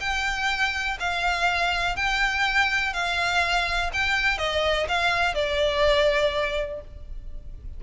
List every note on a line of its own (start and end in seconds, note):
0.00 0.98 G5
0.99 1.96 F5
1.96 2.93 G5
2.93 3.91 F5
3.93 4.38 G5
4.38 4.87 D#5
4.88 5.35 F5
5.35 6.81 D5